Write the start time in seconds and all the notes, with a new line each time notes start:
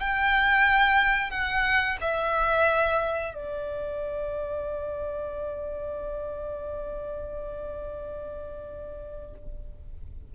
0.00 G5
1.31 F#5
2.01 E5
3.34 D5